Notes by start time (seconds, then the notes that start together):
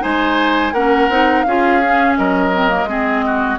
0.00 G#3 D#4 C5 G#5
0.72 A#3 C#4 A#4 F#5
1.09 C4 D#4
1.42 C#4 F4 G#4 F5
1.83 C#4
2.17 F#3 A#4 D#5
2.53 C4
2.68 A#3
2.84 G#3 C4 G#4
3.26 F#4